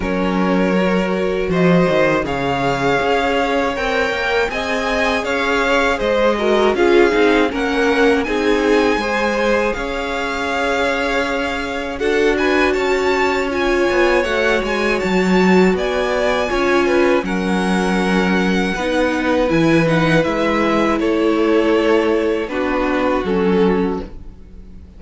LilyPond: <<
  \new Staff \with { instrumentName = "violin" } { \time 4/4 \tempo 4 = 80 cis''2 dis''4 f''4~ | f''4 g''4 gis''4 f''4 | dis''4 f''4 fis''4 gis''4~ | gis''4 f''2. |
fis''8 gis''8 a''4 gis''4 fis''8 gis''8 | a''4 gis''2 fis''4~ | fis''2 gis''8 fis''8 e''4 | cis''2 b'4 a'4 | }
  \new Staff \with { instrumentName = "violin" } { \time 4/4 ais'2 c''4 cis''4~ | cis''2 dis''4 cis''4 | c''8 ais'8 gis'4 ais'4 gis'4 | c''4 cis''2. |
a'8 b'8 cis''2.~ | cis''4 d''4 cis''8 b'8 ais'4~ | ais'4 b'2. | a'2 fis'2 | }
  \new Staff \with { instrumentName = "viola" } { \time 4/4 cis'4 fis'2 gis'4~ | gis'4 ais'4 gis'2~ | gis'8 fis'8 f'8 dis'8 cis'4 dis'4 | gis'1 |
fis'2 f'4 fis'4~ | fis'2 f'4 cis'4~ | cis'4 dis'4 e'8 dis'8 e'4~ | e'2 d'4 cis'4 | }
  \new Staff \with { instrumentName = "cello" } { \time 4/4 fis2 f8 dis8 cis4 | cis'4 c'8 ais8 c'4 cis'4 | gis4 cis'8 c'8 ais4 c'4 | gis4 cis'2. |
d'4 cis'4. b8 a8 gis8 | fis4 b4 cis'4 fis4~ | fis4 b4 e4 gis4 | a2 b4 fis4 | }
>>